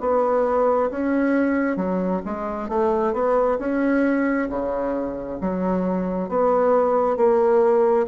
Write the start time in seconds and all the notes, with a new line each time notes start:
0.00 B3
0.90 C#4
1.76 F#3
2.25 G#3
2.69 A3
3.13 B3
3.58 C#4
4.49 C#3
5.40 F#3
6.28 B3
7.16 A#3